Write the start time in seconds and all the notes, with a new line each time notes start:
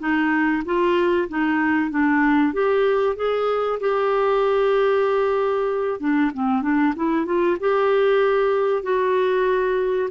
0.00 D#4
0.66 F4
1.29 D#4
1.91 D4
2.53 G4
3.16 G#4
3.80 G4
6.00 D4
6.34 C4
6.63 D4
6.96 E4
7.26 F4
7.60 G4
8.83 F#4